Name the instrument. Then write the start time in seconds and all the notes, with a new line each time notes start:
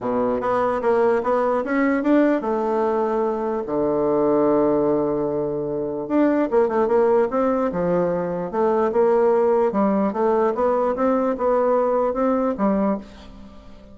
bassoon
0.00 B2
0.40 B3
0.81 A#3
1.23 B3
1.64 C#4
2.03 D4
2.41 A3
3.66 D3
6.08 D4
6.50 A#3
6.68 A3
6.87 A#3
7.30 C4
7.72 F3
8.51 A3
8.92 A#3
9.72 G3
10.12 A3
10.54 B3
10.95 C4
11.37 B3
12.13 C4
12.57 G3